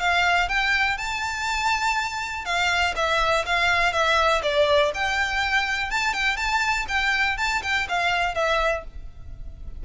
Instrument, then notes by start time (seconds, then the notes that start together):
violin
0.00 F5
0.49 G5
0.98 A5
2.45 F5
2.96 E5
3.46 F5
3.93 E5
4.43 D5
4.94 G5
5.91 A5
6.14 G5
6.37 A5
6.89 G5
7.38 A5
7.63 G5
7.89 F5
8.35 E5